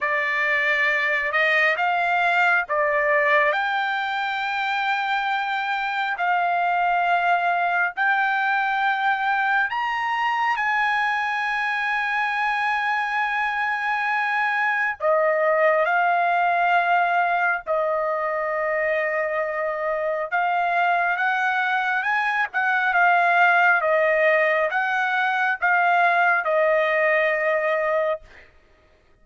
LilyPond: \new Staff \with { instrumentName = "trumpet" } { \time 4/4 \tempo 4 = 68 d''4. dis''8 f''4 d''4 | g''2. f''4~ | f''4 g''2 ais''4 | gis''1~ |
gis''4 dis''4 f''2 | dis''2. f''4 | fis''4 gis''8 fis''8 f''4 dis''4 | fis''4 f''4 dis''2 | }